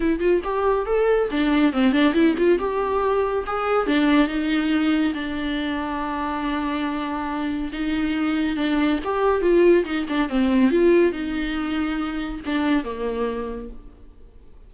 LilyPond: \new Staff \with { instrumentName = "viola" } { \time 4/4 \tempo 4 = 140 e'8 f'8 g'4 a'4 d'4 | c'8 d'8 e'8 f'8 g'2 | gis'4 d'4 dis'2 | d'1~ |
d'2 dis'2 | d'4 g'4 f'4 dis'8 d'8 | c'4 f'4 dis'2~ | dis'4 d'4 ais2 | }